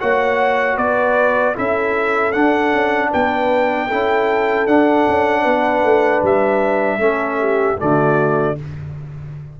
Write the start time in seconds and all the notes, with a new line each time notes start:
0.00 A#3 F#4 C#5 F#5
0.76 B3 B4 D5
1.54 C#4 E4 A4 E5
2.32 D4 F#5
2.73 C#4
3.11 B3 B4 G5
3.87 C#4 E4 A4
4.67 D4 F#5
5.08 C#4
5.42 B3 B4
5.83 A3
6.23 G3 E5
6.98 A3 C#4 A4
7.40 G4
7.78 D3 A3 F#4 D5